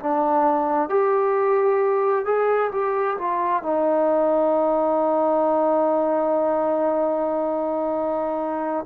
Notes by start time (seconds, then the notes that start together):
0.00 D4
0.90 G4
2.26 G#4
2.72 G4
3.19 F4
3.63 D#4